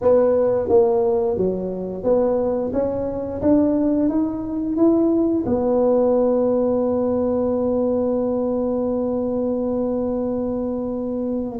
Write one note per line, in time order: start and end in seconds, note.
0.01 0.68 B3
0.68 1.37 A#3
1.37 2.03 F#3
2.03 2.71 B3
2.73 3.41 C#4
3.41 4.09 D4
4.09 4.76 D#4
4.76 5.44 E4
5.45 11.59 B3